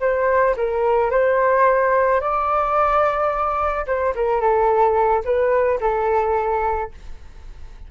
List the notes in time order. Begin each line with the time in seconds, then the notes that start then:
0.00 C5
0.56 A#4
1.10 C5
2.20 D5
3.86 C5
4.15 A#4
4.41 A4
5.24 B4
5.80 A4